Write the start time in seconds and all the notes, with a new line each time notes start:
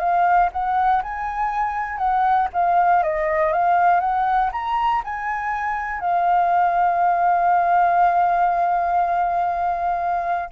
0.00 F5
0.53 F#5
1.03 G#5
1.98 F#5
2.54 F5
3.03 D#5
3.53 F5
4.00 F#5
4.53 A#5
5.05 G#5
6.00 F5